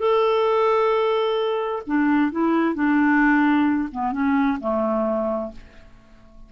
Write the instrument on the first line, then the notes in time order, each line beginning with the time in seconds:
clarinet
0.00 A4
1.87 D4
2.32 E4
2.75 D4
3.92 B3
4.13 C#4
4.61 A3